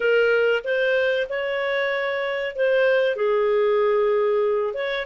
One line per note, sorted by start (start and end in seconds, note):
0.00 0.63 A#4
0.63 1.27 C5
1.29 2.55 C#5
2.55 3.16 C5
3.16 4.74 G#4
4.74 5.05 C#5